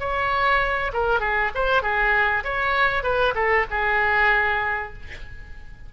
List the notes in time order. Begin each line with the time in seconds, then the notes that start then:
0.00 C#5
0.93 A#4
1.20 G#4
1.55 C5
1.83 G#4
2.44 C#5
3.04 B4
3.35 A4
3.71 G#4